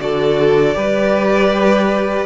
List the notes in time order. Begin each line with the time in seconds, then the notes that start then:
0.00 D3 F#4 A4 D5
0.73 G3 G4 B4